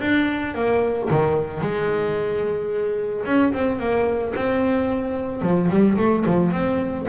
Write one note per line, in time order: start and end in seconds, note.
0.00 0.54 D4
0.54 1.09 A#3
1.10 1.61 D#3
1.61 3.25 G#3
3.25 3.52 C#4
3.53 3.79 C4
3.79 4.33 A#3
4.35 5.41 C4
5.41 5.69 F3
5.69 5.97 G3
5.97 6.25 A3
6.26 6.52 F3
6.52 7.06 C4